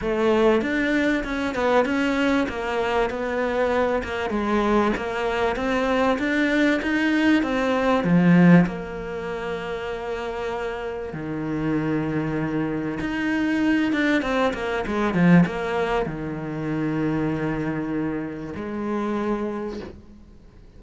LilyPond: \new Staff \with { instrumentName = "cello" } { \time 4/4 \tempo 4 = 97 a4 d'4 cis'8 b8 cis'4 | ais4 b4. ais8 gis4 | ais4 c'4 d'4 dis'4 | c'4 f4 ais2~ |
ais2 dis2~ | dis4 dis'4. d'8 c'8 ais8 | gis8 f8 ais4 dis2~ | dis2 gis2 | }